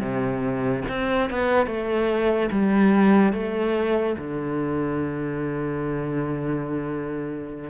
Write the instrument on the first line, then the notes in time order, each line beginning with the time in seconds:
cello
0.00 C3
0.89 C4
1.30 B3
1.66 A3
2.51 G3
3.33 A3
4.18 D3